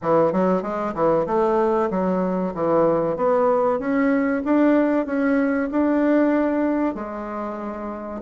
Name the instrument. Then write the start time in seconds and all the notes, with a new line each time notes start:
bassoon
0.01 E3
0.32 F#3
0.62 G#3
0.94 E3
1.26 A3
1.90 F#3
2.54 E3
3.16 B3
3.79 C#4
4.44 D4
5.06 C#4
5.71 D4
6.94 G#3